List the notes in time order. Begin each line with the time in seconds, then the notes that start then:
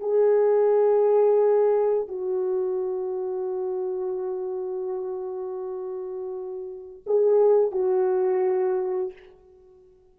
0.00 G#4
2.08 F#4
7.06 G#4
7.72 F#4